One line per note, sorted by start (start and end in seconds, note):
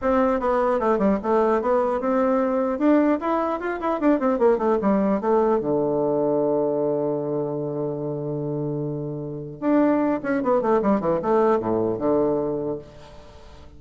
0.01 0.39 C4
0.39 0.79 B3
0.79 0.98 A3
0.98 1.18 G3
1.23 1.61 A3
1.61 2.00 B3
2.00 2.79 C4
2.79 3.19 D4
3.20 3.60 E4
3.60 3.80 F4
3.80 4.00 E4
4.00 4.19 D4
4.19 4.38 C4
4.38 4.58 A#3
4.58 4.78 A3
4.81 5.21 G3
5.21 5.60 A3
5.60 9.60 D3
9.60 10.20 D4
10.23 10.42 C#4
10.42 10.61 B3
10.61 10.81 A3
10.81 11.00 G3
11.00 11.20 E3
11.22 11.59 A3
11.59 11.98 A2
11.98 12.78 D3